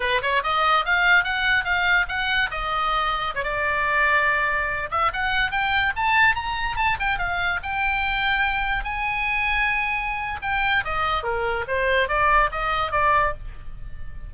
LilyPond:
\new Staff \with { instrumentName = "oboe" } { \time 4/4 \tempo 4 = 144 b'8 cis''8 dis''4 f''4 fis''4 | f''4 fis''4 dis''2 | cis''16 d''2.~ d''8 e''16~ | e''16 fis''4 g''4 a''4 ais''8.~ |
ais''16 a''8 g''8 f''4 g''4.~ g''16~ | g''4~ g''16 gis''2~ gis''8.~ | gis''4 g''4 dis''4 ais'4 | c''4 d''4 dis''4 d''4 | }